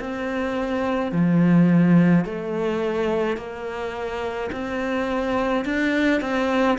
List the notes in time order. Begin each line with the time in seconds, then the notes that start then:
0.00 C4
1.12 F3
2.25 A3
3.37 A#3
4.52 C4
5.65 D4
6.21 C4